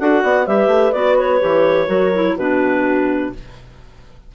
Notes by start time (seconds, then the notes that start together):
0.00 D4 F#4 A4 F#5
0.24 B3 D5
0.46 G3 G4 B4 E5
0.68 A3
0.93 B3 F#4 D5
1.19 C#5
1.40 E3 G4
1.87 F#3 F#4 A#4
2.14 E4
2.36 B2 D4 F#4 B4